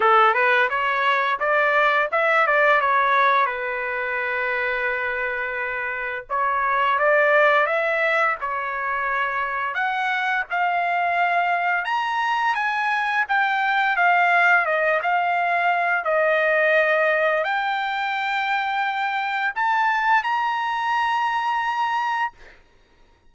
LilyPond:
\new Staff \with { instrumentName = "trumpet" } { \time 4/4 \tempo 4 = 86 a'8 b'8 cis''4 d''4 e''8 d''8 | cis''4 b'2.~ | b'4 cis''4 d''4 e''4 | cis''2 fis''4 f''4~ |
f''4 ais''4 gis''4 g''4 | f''4 dis''8 f''4. dis''4~ | dis''4 g''2. | a''4 ais''2. | }